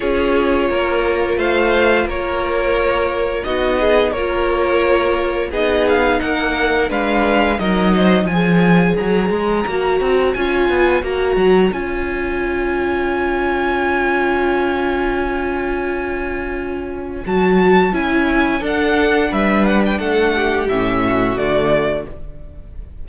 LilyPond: <<
  \new Staff \with { instrumentName = "violin" } { \time 4/4 \tempo 4 = 87 cis''2 f''4 cis''4~ | cis''4 dis''4 cis''2 | dis''8 f''8 fis''4 f''4 dis''4 | gis''4 ais''2 gis''4 |
ais''4 gis''2.~ | gis''1~ | gis''4 a''4 gis''4 fis''4 | e''8 fis''16 g''16 fis''4 e''4 d''4 | }
  \new Staff \with { instrumentName = "violin" } { \time 4/4 gis'4 ais'4 c''4 ais'4~ | ais'4 fis'8 gis'8 ais'2 | gis'4 ais'4 b'4 ais'8 c''8 | cis''1~ |
cis''1~ | cis''1~ | cis''2. a'4 | b'4 a'8 g'4 fis'4. | }
  \new Staff \with { instrumentName = "viola" } { \time 4/4 f'1~ | f'4 dis'4 f'2 | dis'2 d'4 dis'4 | gis'2 fis'4 f'4 |
fis'4 f'2.~ | f'1~ | f'4 fis'4 e'4 d'4~ | d'2 cis'4 a4 | }
  \new Staff \with { instrumentName = "cello" } { \time 4/4 cis'4 ais4 a4 ais4~ | ais4 b4 ais2 | b4 ais4 gis4 fis4 | f4 fis8 gis8 ais8 c'8 cis'8 b8 |
ais8 fis8 cis'2.~ | cis'1~ | cis'4 fis4 cis'4 d'4 | g4 a4 a,4 d4 | }
>>